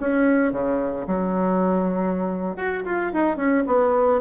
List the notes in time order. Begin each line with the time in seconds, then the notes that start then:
0.00 C#4
0.52 C#3
1.07 F#3
2.56 F#4
2.85 F4
3.13 D#4
3.36 C#4
3.66 B3